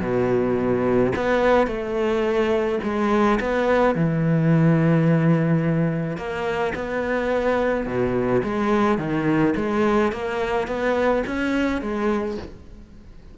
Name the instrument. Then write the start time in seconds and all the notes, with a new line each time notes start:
cello
0.00 B2
1.15 B3
1.66 A3
2.83 G#3
3.40 B3
3.95 E3
6.17 A#3
6.75 B3
7.86 B2
8.43 G#3
8.98 D#3
9.56 G#3
10.12 A#3
10.67 B3
11.26 C#4
11.81 G#3